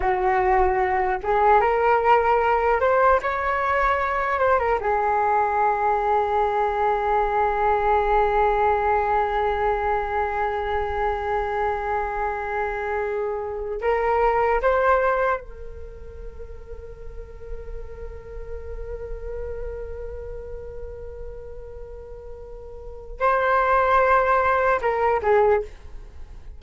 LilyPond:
\new Staff \with { instrumentName = "flute" } { \time 4/4 \tempo 4 = 75 fis'4. gis'8 ais'4. c''8 | cis''4. c''16 ais'16 gis'2~ | gis'1~ | gis'1~ |
gis'4~ gis'16 ais'4 c''4 ais'8.~ | ais'1~ | ais'1~ | ais'4 c''2 ais'8 gis'8 | }